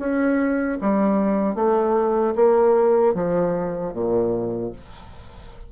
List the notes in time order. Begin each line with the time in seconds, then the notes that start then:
0.00 C#4
0.81 G3
1.56 A3
2.36 A#3
3.15 F3
3.94 A#2